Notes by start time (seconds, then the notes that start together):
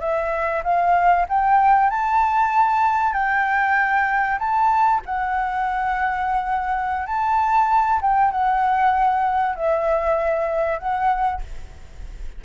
0.00 E5
0.63 F5
1.29 G5
1.90 A5
3.13 G5
4.39 A5
5.05 F#5
7.06 A5
8.01 G5
8.31 F#5
9.55 E5
10.79 F#5